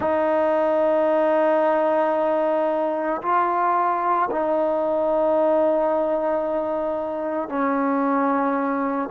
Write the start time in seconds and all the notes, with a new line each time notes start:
0.00 D#4
3.21 F4
4.31 D#4
7.48 C#4